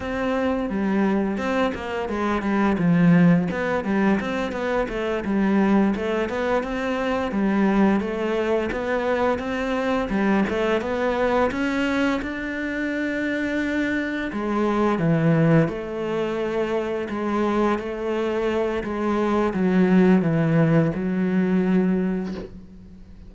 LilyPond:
\new Staff \with { instrumentName = "cello" } { \time 4/4 \tempo 4 = 86 c'4 g4 c'8 ais8 gis8 g8 | f4 b8 g8 c'8 b8 a8 g8~ | g8 a8 b8 c'4 g4 a8~ | a8 b4 c'4 g8 a8 b8~ |
b8 cis'4 d'2~ d'8~ | d'8 gis4 e4 a4.~ | a8 gis4 a4. gis4 | fis4 e4 fis2 | }